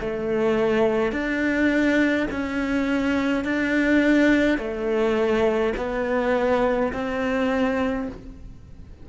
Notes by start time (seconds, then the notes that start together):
0.00 A3
1.12 D4
2.31 C#4
3.44 D4
4.58 A3
5.77 B3
6.93 C4